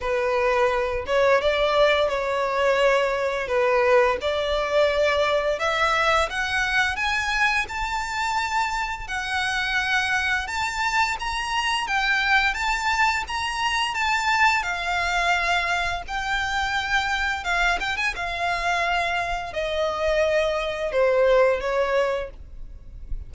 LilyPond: \new Staff \with { instrumentName = "violin" } { \time 4/4 \tempo 4 = 86 b'4. cis''8 d''4 cis''4~ | cis''4 b'4 d''2 | e''4 fis''4 gis''4 a''4~ | a''4 fis''2 a''4 |
ais''4 g''4 a''4 ais''4 | a''4 f''2 g''4~ | g''4 f''8 g''16 gis''16 f''2 | dis''2 c''4 cis''4 | }